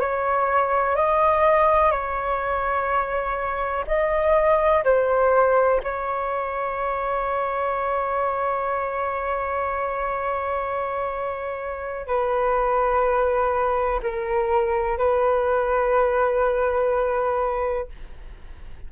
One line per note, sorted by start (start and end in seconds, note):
0.00 0.96 C#5
0.96 1.91 D#5
1.91 3.85 C#5
3.87 4.84 D#5
4.84 5.81 C5
5.83 12.07 C#5
12.07 14.01 B4
14.03 14.98 A#4
14.98 17.88 B4